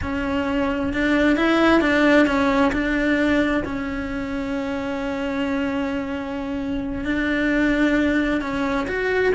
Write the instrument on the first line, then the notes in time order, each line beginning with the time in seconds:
cello
0.02 C#4
0.93 D4
1.36 E4
1.81 D4
2.26 C#4
2.72 D4
3.64 C#4
7.04 D4
8.41 C#4
8.87 F#4